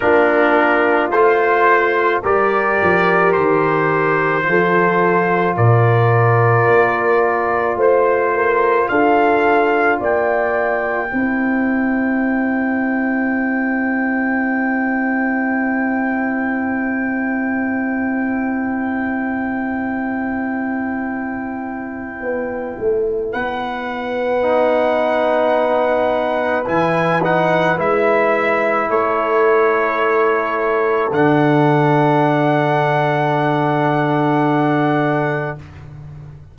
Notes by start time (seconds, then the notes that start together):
0.00 A#3 D4 F4 A#4
1.10 A3 F4 C5
2.21 G3 G4 A#4 D5
2.82 F3
3.32 D#3 C5
4.42 F3 F4
4.49 A4
5.56 A#2 A#4 D5
6.67 A#3
7.75 A3 C5
8.35 A#4
8.88 D4 A4 F5
10.00 A#3 D5 G5
11.09 C4 E4 C5
22.20 B3
22.78 A3
23.31 B3 B4 F#5
24.42 D#4
26.66 E3 E4 G#5
27.23 D#4 F#5
27.77 G#3 E4 E5
28.89 A3 A4 C#5
31.11 D3 D4 F#5